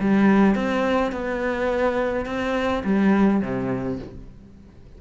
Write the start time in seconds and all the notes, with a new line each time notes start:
0.00 G3
0.55 C4
1.12 B3
2.26 C4
2.84 G3
3.41 C3